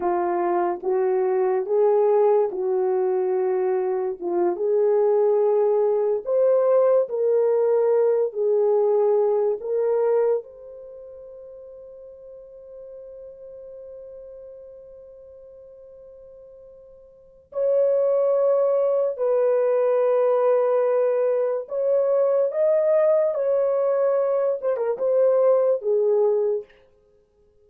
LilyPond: \new Staff \with { instrumentName = "horn" } { \time 4/4 \tempo 4 = 72 f'4 fis'4 gis'4 fis'4~ | fis'4 f'8 gis'2 c''8~ | c''8 ais'4. gis'4. ais'8~ | ais'8 c''2.~ c''8~ |
c''1~ | c''4 cis''2 b'4~ | b'2 cis''4 dis''4 | cis''4. c''16 ais'16 c''4 gis'4 | }